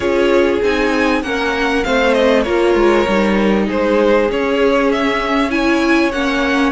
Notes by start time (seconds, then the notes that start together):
0.00 C#4 F4 G#4 C#5
0.62 C4 D#4 G#5
1.22 A#3 C#4 A#4 F#5
1.84 A3 C4 C5 F5
2.13 D#5
2.42 A#3 F4 A#4 C#5
2.74 G#3
3.08 G3 D#4
3.66 G#3 G#4 C5
4.28 C#4 C#5
4.91 E5
5.50 E4 C#5 G#5
6.11 A#3 C#4 F#5